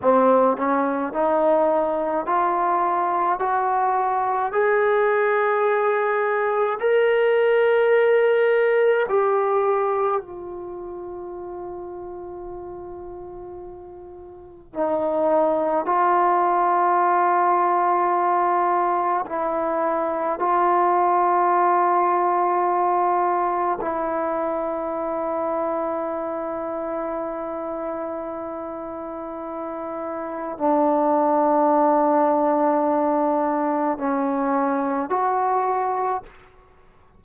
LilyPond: \new Staff \with { instrumentName = "trombone" } { \time 4/4 \tempo 4 = 53 c'8 cis'8 dis'4 f'4 fis'4 | gis'2 ais'2 | g'4 f'2.~ | f'4 dis'4 f'2~ |
f'4 e'4 f'2~ | f'4 e'2.~ | e'2. d'4~ | d'2 cis'4 fis'4 | }